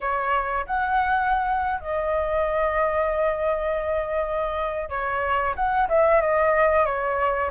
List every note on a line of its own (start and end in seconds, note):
0.00 0.66 C#5
0.66 1.80 F#5
1.80 4.89 D#5
4.89 5.54 C#5
5.55 5.88 F#5
5.89 6.21 E5
6.21 6.85 D#5
6.85 7.50 C#5